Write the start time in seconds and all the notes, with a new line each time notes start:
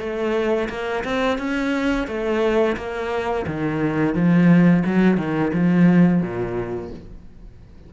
0.00 A3
0.70 A#3
1.05 C4
1.39 C#4
2.08 A3
2.77 A#3
3.47 D#3
4.15 F3
4.86 F#3
5.18 D#3
5.54 F3
6.22 A#2